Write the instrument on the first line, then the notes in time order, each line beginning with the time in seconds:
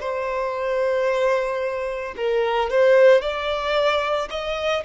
violin
0.00 C5
2.17 A#4
2.70 C5
3.21 D5
4.31 D#5